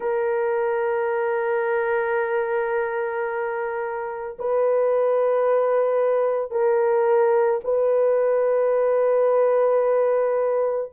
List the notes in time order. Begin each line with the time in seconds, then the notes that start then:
0.00 A#4
4.38 B4
6.51 A#4
7.64 B4